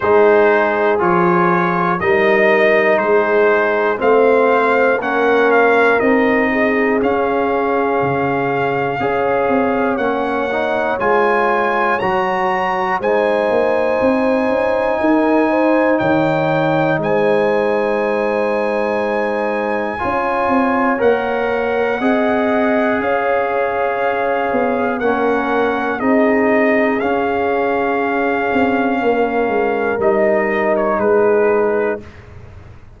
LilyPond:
<<
  \new Staff \with { instrumentName = "trumpet" } { \time 4/4 \tempo 4 = 60 c''4 cis''4 dis''4 c''4 | f''4 fis''8 f''8 dis''4 f''4~ | f''2 fis''4 gis''4 | ais''4 gis''2. |
g''4 gis''2.~ | gis''4 fis''2 f''4~ | f''4 fis''4 dis''4 f''4~ | f''2 dis''8. cis''16 b'4 | }
  \new Staff \with { instrumentName = "horn" } { \time 4/4 gis'2 ais'4 gis'4 | c''4 ais'4. gis'4.~ | gis'4 cis''2.~ | cis''4 c''2 ais'8 c''8 |
cis''4 c''2. | cis''2 dis''4 cis''4~ | cis''4 ais'4 gis'2~ | gis'4 ais'2 gis'4 | }
  \new Staff \with { instrumentName = "trombone" } { \time 4/4 dis'4 f'4 dis'2 | c'4 cis'4 dis'4 cis'4~ | cis'4 gis'4 cis'8 dis'8 f'4 | fis'4 dis'2.~ |
dis'1 | f'4 ais'4 gis'2~ | gis'4 cis'4 dis'4 cis'4~ | cis'2 dis'2 | }
  \new Staff \with { instrumentName = "tuba" } { \time 4/4 gis4 f4 g4 gis4 | a4 ais4 c'4 cis'4 | cis4 cis'8 c'8 ais4 gis4 | fis4 gis8 ais8 c'8 cis'8 dis'4 |
dis4 gis2. | cis'8 c'8 ais4 c'4 cis'4~ | cis'8 b8 ais4 c'4 cis'4~ | cis'8 c'8 ais8 gis8 g4 gis4 | }
>>